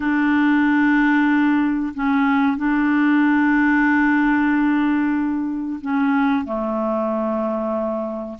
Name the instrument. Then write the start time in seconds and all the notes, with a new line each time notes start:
clarinet
0.00 D4
1.94 C#4
2.57 D4
5.81 C#4
6.44 A3